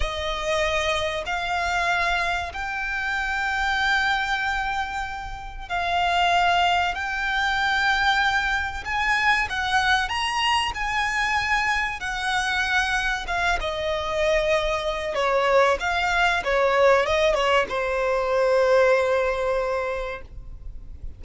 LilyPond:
\new Staff \with { instrumentName = "violin" } { \time 4/4 \tempo 4 = 95 dis''2 f''2 | g''1~ | g''4 f''2 g''4~ | g''2 gis''4 fis''4 |
ais''4 gis''2 fis''4~ | fis''4 f''8 dis''2~ dis''8 | cis''4 f''4 cis''4 dis''8 cis''8 | c''1 | }